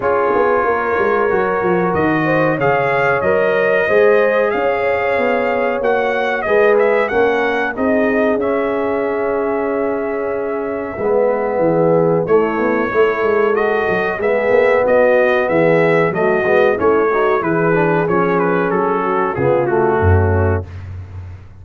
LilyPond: <<
  \new Staff \with { instrumentName = "trumpet" } { \time 4/4 \tempo 4 = 93 cis''2. dis''4 | f''4 dis''2 f''4~ | f''4 fis''4 dis''8 e''8 fis''4 | dis''4 e''2.~ |
e''2. cis''4~ | cis''4 dis''4 e''4 dis''4 | e''4 dis''4 cis''4 b'4 | cis''8 b'8 a'4 gis'8 fis'4. | }
  \new Staff \with { instrumentName = "horn" } { \time 4/4 gis'4 ais'2~ ais'8 c''8 | cis''2 c''4 cis''4~ | cis''2 b'4 ais'4 | gis'1~ |
gis'4 b'4 gis'4 e'4 | a'2 gis'4 fis'4 | gis'4 fis'4 e'8 fis'8 gis'4~ | gis'4. fis'8 f'4 cis'4 | }
  \new Staff \with { instrumentName = "trombone" } { \time 4/4 f'2 fis'2 | gis'4 ais'4 gis'2~ | gis'4 fis'4 gis'4 cis'4 | dis'4 cis'2.~ |
cis'4 b2 a4 | e'4 fis'4 b2~ | b4 a8 b8 cis'8 dis'8 e'8 d'8 | cis'2 b8 a4. | }
  \new Staff \with { instrumentName = "tuba" } { \time 4/4 cis'8 b8 ais8 gis8 fis8 f8 dis4 | cis4 fis4 gis4 cis'4 | b4 ais4 gis4 ais4 | c'4 cis'2.~ |
cis'4 gis4 e4 a8 b8 | a8 gis4 fis8 gis8 ais8 b4 | e4 fis8 gis8 a4 e4 | f4 fis4 cis4 fis,4 | }
>>